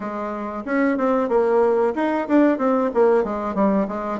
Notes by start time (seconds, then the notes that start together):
0.00 G#3
0.65 C#4
0.97 C4
1.28 A#3
1.95 D#4
2.28 D4
2.58 C4
2.94 A#3
3.23 G#3
3.54 G3
3.88 G#3